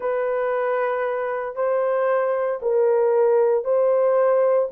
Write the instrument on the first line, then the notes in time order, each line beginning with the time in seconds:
horn
0.00 B4
1.55 C5
2.62 A#4
3.64 C5